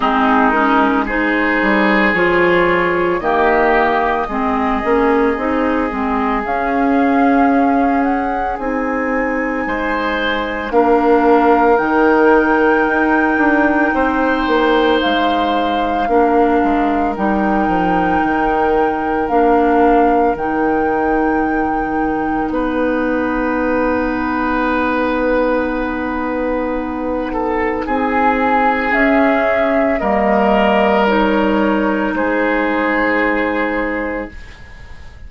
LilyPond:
<<
  \new Staff \with { instrumentName = "flute" } { \time 4/4 \tempo 4 = 56 gis'8 ais'8 c''4 cis''4 dis''4~ | dis''2 f''4. fis''8 | gis''2 f''4 g''4~ | g''2 f''2 |
g''2 f''4 g''4~ | g''4 fis''2.~ | fis''2 gis''4 e''4 | dis''4 cis''4 c''2 | }
  \new Staff \with { instrumentName = "oboe" } { \time 4/4 dis'4 gis'2 g'4 | gis'1~ | gis'4 c''4 ais'2~ | ais'4 c''2 ais'4~ |
ais'1~ | ais'4 b'2.~ | b'4. a'8 gis'2 | ais'2 gis'2 | }
  \new Staff \with { instrumentName = "clarinet" } { \time 4/4 c'8 cis'8 dis'4 f'4 ais4 | c'8 cis'8 dis'8 c'8 cis'2 | dis'2 d'4 dis'4~ | dis'2. d'4 |
dis'2 d'4 dis'4~ | dis'1~ | dis'2. cis'4 | ais4 dis'2. | }
  \new Staff \with { instrumentName = "bassoon" } { \time 4/4 gis4. g8 f4 dis4 | gis8 ais8 c'8 gis8 cis'2 | c'4 gis4 ais4 dis4 | dis'8 d'8 c'8 ais8 gis4 ais8 gis8 |
g8 f8 dis4 ais4 dis4~ | dis4 b2.~ | b2 c'4 cis'4 | g2 gis2 | }
>>